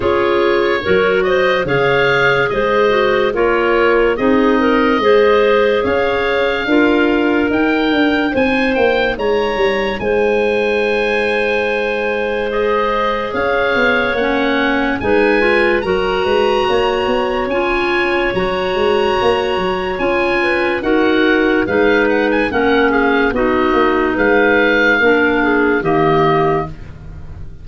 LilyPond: <<
  \new Staff \with { instrumentName = "oboe" } { \time 4/4 \tempo 4 = 72 cis''4. dis''8 f''4 dis''4 | cis''4 dis''2 f''4~ | f''4 g''4 gis''8 g''8 ais''4 | gis''2. dis''4 |
f''4 fis''4 gis''4 ais''4~ | ais''4 gis''4 ais''2 | gis''4 fis''4 f''8 fis''16 gis''16 fis''8 f''8 | dis''4 f''2 dis''4 | }
  \new Staff \with { instrumentName = "clarinet" } { \time 4/4 gis'4 ais'8 c''8 cis''4 c''4 | ais'4 gis'8 ais'8 c''4 cis''4 | ais'2 c''4 cis''4 | c''1 |
cis''2 b'4 ais'8 b'8 | cis''1~ | cis''8 b'8 ais'4 b'4 ais'8 gis'8 | fis'4 b'4 ais'8 gis'8 g'4 | }
  \new Staff \with { instrumentName = "clarinet" } { \time 4/4 f'4 fis'4 gis'4. fis'8 | f'4 dis'4 gis'2 | f'4 dis'2.~ | dis'2. gis'4~ |
gis'4 cis'4 dis'8 f'8 fis'4~ | fis'4 f'4 fis'2 | f'4 fis'4 dis'4 cis'4 | dis'2 d'4 ais4 | }
  \new Staff \with { instrumentName = "tuba" } { \time 4/4 cis'4 fis4 cis4 gis4 | ais4 c'4 gis4 cis'4 | d'4 dis'8 d'8 c'8 ais8 gis8 g8 | gis1 |
cis'8 b8 ais4 gis4 fis8 gis8 | ais8 b8 cis'4 fis8 gis8 ais8 fis8 | cis'4 dis'4 gis4 ais4 | b8 ais8 gis4 ais4 dis4 | }
>>